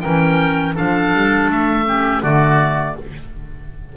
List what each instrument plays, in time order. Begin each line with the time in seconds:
0.00 double bass E3, clarinet C#4, oboe A#4 G5
0.74 double bass F3, clarinet D4, oboe A4 F5
1.13 double bass G3
1.48 double bass A3, oboe E5
1.85 clarinet C#4, oboe G4
2.22 double bass D3, clarinet A3, oboe F#4 D5